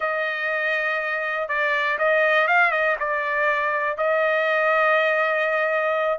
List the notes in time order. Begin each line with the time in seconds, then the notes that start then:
0.00 D#5
1.48 D5
1.98 D#5
2.47 F5
2.71 D#5
2.99 D5
3.97 D#5